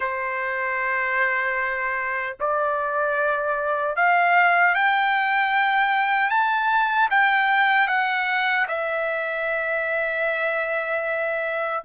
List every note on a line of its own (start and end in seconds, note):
0.00 2.36 C5
2.39 3.95 D5
3.95 4.74 F5
4.74 6.29 G5
6.29 7.08 A5
7.10 7.87 G5
7.87 8.66 F#5
8.68 11.83 E5